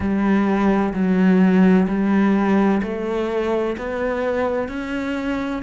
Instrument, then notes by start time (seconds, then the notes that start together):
cello
0.00 G3
0.93 F#3
1.87 G3
2.83 A3
3.77 B3
4.68 C#4